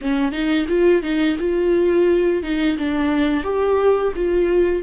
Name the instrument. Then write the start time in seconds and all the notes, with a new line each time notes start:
viola
0.01 C#4
0.32 D#4
0.68 F4
1.02 D#4
1.39 F4
2.42 D#4
2.77 D4
3.43 G4
4.15 F4